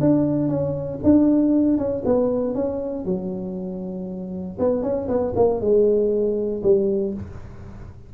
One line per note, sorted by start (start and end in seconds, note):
0.00 0.49 D4
0.49 1.00 C#4
1.03 1.78 D4
1.78 2.03 C#4
2.05 2.55 B3
2.55 3.05 C#4
3.05 4.58 F#3
4.59 4.83 B3
4.83 5.08 C#4
5.08 5.34 B3
5.36 5.60 A#3
5.60 6.62 G#3
6.63 7.14 G3